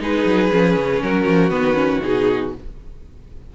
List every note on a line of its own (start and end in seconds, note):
0.00 0.25 G#3
0.00 0.51 D#4
0.00 1.03 G#4
0.00 1.03 B4
0.25 0.51 F#3
0.52 0.77 F3
0.52 1.51 C#4
0.77 1.02 C#3
1.03 1.26 F#3
1.03 2.55 F#4
1.03 1.50 A#4
1.26 1.51 F3
1.50 2.01 D#3
1.50 1.75 B3
1.50 2.01 B4
1.75 2.00 C#4
2.03 2.55 B2
2.03 2.55 D#4
2.03 2.54 G#4